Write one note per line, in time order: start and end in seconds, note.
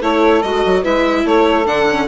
0.00 0.44 A3
0.00 0.44 E4
0.00 0.82 A4
0.00 0.42 C#5
0.42 0.64 G#3
0.42 0.84 F#4
0.42 0.84 D#5
0.66 0.85 F#3
0.82 1.25 G#3
0.82 1.66 E4
0.82 1.24 B4
0.82 1.27 E5
1.25 1.67 A3
1.25 2.08 A4
1.25 1.67 C#5
1.66 2.08 D3
1.66 1.87 D4
1.66 2.08 F#5
1.89 2.08 C#4